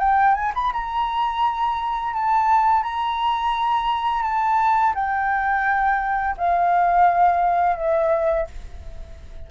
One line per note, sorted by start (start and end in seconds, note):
0.00 0.35 G5
0.35 0.53 G#5
0.55 0.73 B5
0.73 2.14 A#5
2.14 2.83 A5
2.83 4.23 A#5
4.23 4.94 A5
4.95 6.36 G5
6.38 7.77 F5
7.77 8.47 E5